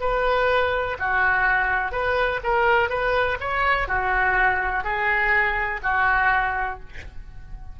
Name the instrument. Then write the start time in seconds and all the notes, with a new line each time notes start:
oboe
0.00 B4
0.99 F#4
1.91 B4
2.43 A#4
2.89 B4
3.40 C#5
3.88 F#4
4.83 G#4
5.83 F#4